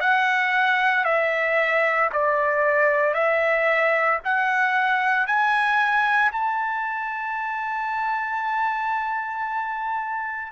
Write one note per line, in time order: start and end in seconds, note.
0.00 1.05 F#5
1.05 2.10 E5
2.13 3.14 D5
3.14 4.19 E5
4.24 5.27 F#5
5.27 6.32 G#5
6.32 10.52 A5